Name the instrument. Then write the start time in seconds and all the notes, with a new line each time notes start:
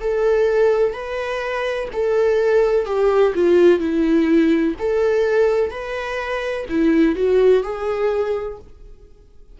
viola
0.00 A4
0.93 B4
1.93 A4
2.85 G4
3.34 F4
3.79 E4
4.78 A4
5.71 B4
6.68 E4
7.15 F#4
7.63 G#4